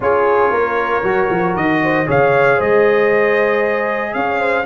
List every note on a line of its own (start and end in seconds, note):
0.00 0.50 C#4
0.00 1.03 F4
0.00 0.52 G#4
0.00 1.56 C#5
0.50 1.02 A#3
0.50 1.81 A#4
1.03 1.29 F#3
1.03 2.05 F#4
1.30 1.55 F3
1.55 2.07 D#3
1.55 2.07 D#5
1.83 2.07 C5
2.05 2.59 C#3
2.05 4.64 G#4
2.05 2.56 C#5
2.05 2.60 F5
2.56 4.14 G#3
2.56 4.12 C5
2.56 4.13 D#5
4.13 4.66 C#4
4.13 4.39 C#5
4.13 4.65 F5
4.39 4.65 C5